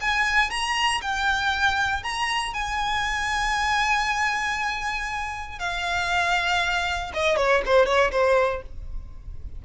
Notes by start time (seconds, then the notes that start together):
0.00 G#5
0.50 A#5
1.01 G5
2.03 A#5
2.54 G#5
5.59 F5
7.14 D#5
7.36 C#5
7.65 C5
7.85 C#5
8.11 C5